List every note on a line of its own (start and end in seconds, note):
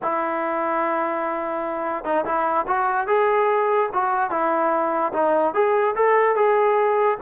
0.02 2.04 E4
2.04 2.25 D#4
2.25 2.66 E4
2.67 3.07 F#4
3.07 3.89 G#4
3.93 4.30 F#4
4.30 5.12 E4
5.13 5.53 D#4
5.53 5.95 G#4
5.95 6.35 A4
6.35 7.17 G#4